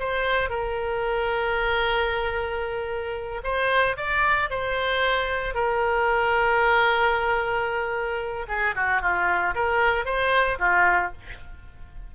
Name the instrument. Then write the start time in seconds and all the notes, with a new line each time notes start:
oboe
0.00 C5
0.50 A#4
3.44 C5
3.97 D5
4.50 C5
5.55 A#4
8.48 G#4
8.76 F#4
9.02 F4
9.55 A#4
10.05 C5
10.59 F4